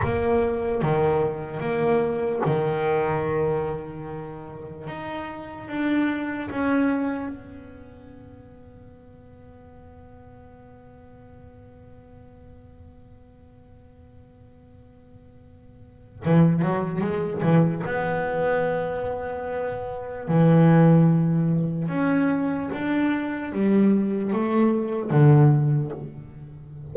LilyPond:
\new Staff \with { instrumentName = "double bass" } { \time 4/4 \tempo 4 = 74 ais4 dis4 ais4 dis4~ | dis2 dis'4 d'4 | cis'4 b2.~ | b1~ |
b1 | e8 fis8 gis8 e8 b2~ | b4 e2 cis'4 | d'4 g4 a4 d4 | }